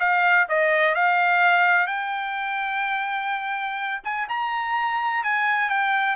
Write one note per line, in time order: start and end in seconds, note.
0.00 0.48 F5
0.49 0.95 D#5
0.95 1.87 F5
1.87 4.01 G5
4.04 4.28 G#5
4.29 5.24 A#5
5.24 5.70 G#5
5.70 6.16 G5